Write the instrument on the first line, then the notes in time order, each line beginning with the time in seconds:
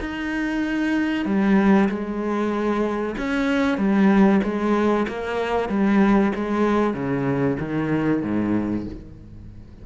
cello
0.00 D#4
1.25 G3
1.89 G#3
3.18 C#4
3.77 G3
4.43 G#3
5.08 A#3
5.69 G3
6.35 G#3
6.93 C#3
7.59 D#3
8.22 G#2